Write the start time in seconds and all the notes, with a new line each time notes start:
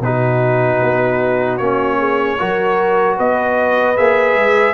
0.00 B2 D#4 F#4 B4
0.82 B3
1.57 A#3 C#4 C#5
1.99 G#4
2.38 F#3 F#4 A#4
3.17 B3 B4 D#5
3.96 A#3 G#4 E5
4.35 G#3